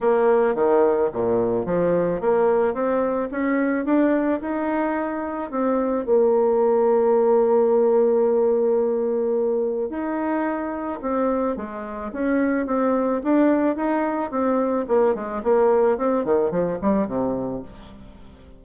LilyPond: \new Staff \with { instrumentName = "bassoon" } { \time 4/4 \tempo 4 = 109 ais4 dis4 ais,4 f4 | ais4 c'4 cis'4 d'4 | dis'2 c'4 ais4~ | ais1~ |
ais2 dis'2 | c'4 gis4 cis'4 c'4 | d'4 dis'4 c'4 ais8 gis8 | ais4 c'8 dis8 f8 g8 c4 | }